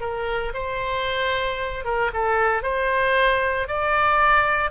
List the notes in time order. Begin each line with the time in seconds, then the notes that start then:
0.00 A#4
0.54 C5
1.84 A#4
2.13 A4
2.62 C5
3.67 D5